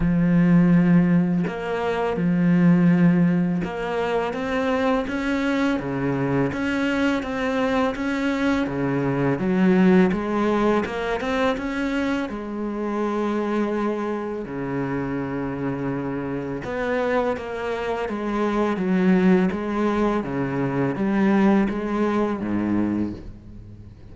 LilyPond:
\new Staff \with { instrumentName = "cello" } { \time 4/4 \tempo 4 = 83 f2 ais4 f4~ | f4 ais4 c'4 cis'4 | cis4 cis'4 c'4 cis'4 | cis4 fis4 gis4 ais8 c'8 |
cis'4 gis2. | cis2. b4 | ais4 gis4 fis4 gis4 | cis4 g4 gis4 gis,4 | }